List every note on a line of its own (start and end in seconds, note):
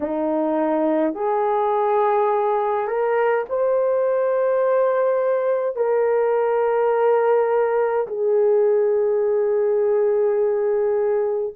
0.00 1.14 D#4
1.14 2.87 G#4
2.87 3.45 A#4
3.49 5.75 C5
5.75 8.06 A#4
8.07 11.53 G#4